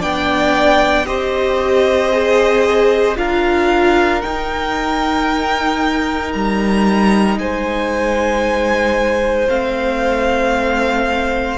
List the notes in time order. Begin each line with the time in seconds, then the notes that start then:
0.00 B3 D4 D5 G5
1.06 C4 G4 C5 D#5
2.12 G#4
3.16 D4 F4 A#4 F5
4.21 D#4 G5
6.32 G3 A#5
7.38 G#3 C5 G#5
9.47 A3 C4 F5